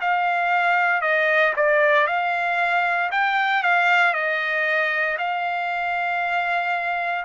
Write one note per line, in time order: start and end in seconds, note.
0.00 1.01 F5
1.01 1.53 D#5
1.56 2.06 D5
2.06 3.10 F5
3.11 3.63 G5
3.63 4.13 F5
4.13 5.16 D#5
5.18 7.25 F5